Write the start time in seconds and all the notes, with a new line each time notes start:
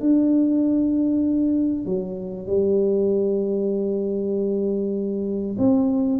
0.00 D4
1.85 F#3
2.47 G3
5.58 C4